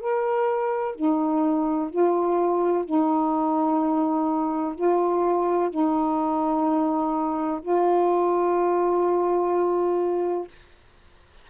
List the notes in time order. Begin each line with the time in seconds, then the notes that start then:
0.00 A#4
0.95 D#4
1.90 F4
2.84 D#4
4.75 F4
5.70 D#4
7.61 F4